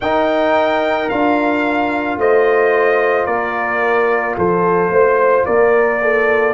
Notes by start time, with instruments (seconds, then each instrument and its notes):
0.00 tuba D#4, trombone D#4, horn A#4, trumpet G5
1.09 tuba D4, trombone F4, trumpet F5
2.16 tuba A3, horn C5, trumpet D#5
3.26 tuba A#3, horn A#4, trumpet D5
4.37 tuba F3, horn A4, trumpet C5
4.89 tuba A3, horn C5
5.45 tuba A#3, horn A#4, trumpet D5
6.02 horn A4